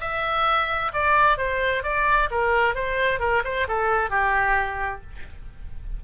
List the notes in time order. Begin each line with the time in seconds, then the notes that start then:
0.00 E5
0.93 D5
1.37 C5
1.83 D5
2.30 A#4
2.74 C5
3.19 A#4
3.44 C5
3.67 A4
4.10 G4